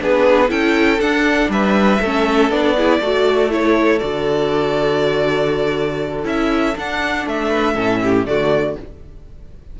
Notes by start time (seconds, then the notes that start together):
0.00 B3 D4 G#4 B4
0.48 C#4 E4 A4 G5
1.00 D4 F#5
1.49 G3 B4 E5
2.01 A3 C#4 A4
2.50 B3 D4 D5
2.77 E4 G#4
3.01 A3 F#4 A4
3.50 E4 C#5
3.99 D3 F#4 D5
6.24 C#4 E4 E5
6.76 D4 F#5
7.27 A3 E5
7.49 B4
7.75 A2 C#4 A4
8.03 G4
8.26 D3 A3 F#4 D5